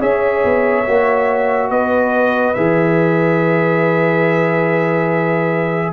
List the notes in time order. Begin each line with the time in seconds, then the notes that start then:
0.00 C#4 G#4 C#5 E5
0.44 B3
0.86 A#3 F#4
1.70 B3 B4 D#5
2.54 E3 G#4 E5